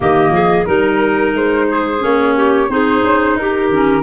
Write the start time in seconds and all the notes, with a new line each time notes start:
0.00 D#3 A#3 G4 D#5
0.30 F3 G#4
0.64 G3 D#4 A#4
1.34 G#3 C5
1.69 G#4
1.99 A#3 C#4 C#5
2.36 G4
2.68 C4 D#4 G#4 C5
3.04 C#4
3.36 D#4 G4 A#4
3.68 D#3 C#4